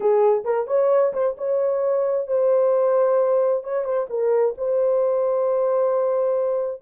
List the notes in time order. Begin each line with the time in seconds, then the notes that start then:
0.00 G#4
0.44 A#4
0.67 C#5
1.13 C5
1.37 C#5
2.27 C5
3.63 C#5
3.84 C5
4.09 A#4
4.57 C5